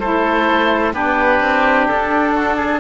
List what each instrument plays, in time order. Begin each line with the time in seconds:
0.00 cello A3, saxophone E4, oboe A4 C5
0.93 cello B3, saxophone D4, oboe G4 B4
1.40 cello C4
1.89 cello D4, oboe A4
2.35 oboe F#4
2.56 oboe G#4